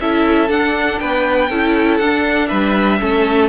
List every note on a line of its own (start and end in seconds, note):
0.00 0.49 C#4
0.00 0.48 E4
0.00 1.01 A4
0.00 0.50 E5
0.48 1.49 D4
0.48 1.00 D4
0.48 0.99 F#5
0.99 1.49 B3
0.99 1.49 B4
0.99 1.97 G5
1.49 2.00 C#4
1.49 2.02 E4
1.49 2.48 A4
1.97 2.50 D4
1.97 2.99 D4
1.97 2.47 F#5
2.47 3.01 G3
2.47 2.99 B4
2.47 3.48 E5
2.99 3.49 A3
2.99 3.49 C#4
2.99 3.49 A4